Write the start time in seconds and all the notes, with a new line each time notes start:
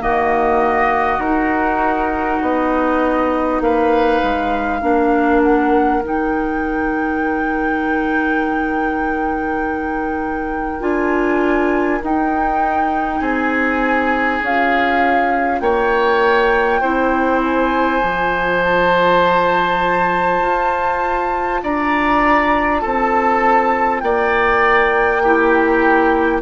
0.00 D#3 A#3 F#4 D#5
1.19 D#4 A#4
2.42 B3 D#5
3.61 A#3 B4 F5
4.23 G#3
4.81 A#3 D4 A#4
5.43 F#5
6.02 D#3 D#4 G5
10.80 D4 F4 G#5
12.03 D#4 G5
13.20 C4 G#4 G#5
14.42 C#4 F4 F5
15.60 A#3 C#5 G5
16.81 C4 E4 C5
17.44 G#5
18.02 F3 F4
18.63 A5
20.42 F4
21.64 D4 D5 A#5
22.81 C4 A4 A5
24.00 A#3 D5 G5
25.23 E4 G4